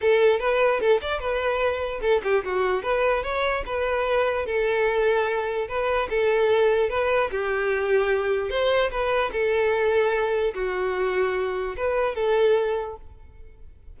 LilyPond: \new Staff \with { instrumentName = "violin" } { \time 4/4 \tempo 4 = 148 a'4 b'4 a'8 d''8 b'4~ | b'4 a'8 g'8 fis'4 b'4 | cis''4 b'2 a'4~ | a'2 b'4 a'4~ |
a'4 b'4 g'2~ | g'4 c''4 b'4 a'4~ | a'2 fis'2~ | fis'4 b'4 a'2 | }